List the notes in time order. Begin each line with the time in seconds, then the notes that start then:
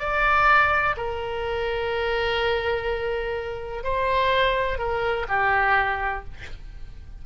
0.00 D5
0.97 A#4
3.84 C5
4.79 A#4
5.29 G4